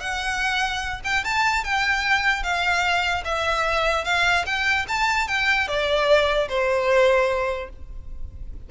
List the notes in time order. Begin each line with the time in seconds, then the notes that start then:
0.00 F#5
1.04 G5
1.24 A5
1.64 G5
2.43 F5
3.25 E5
4.05 F5
4.46 G5
4.88 A5
5.28 G5
5.68 D5
6.49 C5